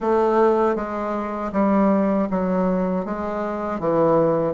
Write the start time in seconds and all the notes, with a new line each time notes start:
0.00 A3
0.75 G#3
1.52 G3
2.30 F#3
3.05 G#3
3.79 E3